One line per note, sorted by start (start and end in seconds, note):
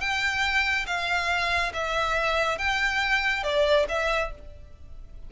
0.00 0.86 G5
0.86 1.72 F5
1.73 2.58 E5
2.58 3.43 G5
3.43 3.86 D5
3.88 4.31 E5